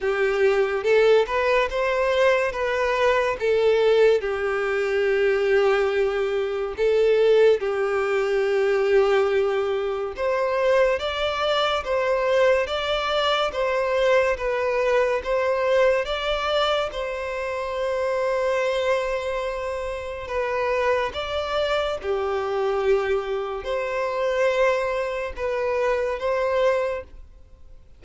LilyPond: \new Staff \with { instrumentName = "violin" } { \time 4/4 \tempo 4 = 71 g'4 a'8 b'8 c''4 b'4 | a'4 g'2. | a'4 g'2. | c''4 d''4 c''4 d''4 |
c''4 b'4 c''4 d''4 | c''1 | b'4 d''4 g'2 | c''2 b'4 c''4 | }